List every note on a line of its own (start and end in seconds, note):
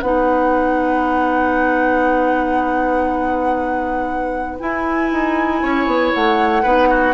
0.00 4.58 B3
0.00 4.59 D#4
0.00 5.62 B4
0.00 4.58 F#5
4.59 6.63 E4
4.59 5.11 E4
4.59 6.12 G#5
5.11 5.62 D#4
5.62 5.86 C#4
5.62 6.62 C#5
5.86 6.11 B3
6.13 6.64 A3
6.13 7.14 F#5
6.62 7.14 B3
6.62 7.14 D#4
6.62 6.88 B4
6.89 7.14 F#4